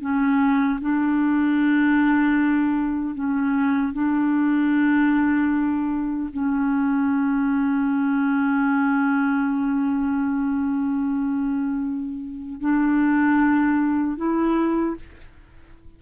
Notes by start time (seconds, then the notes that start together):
0.00 C#4
0.80 D4
3.14 C#4
3.92 D4
6.32 C#4
12.60 D4
14.16 E4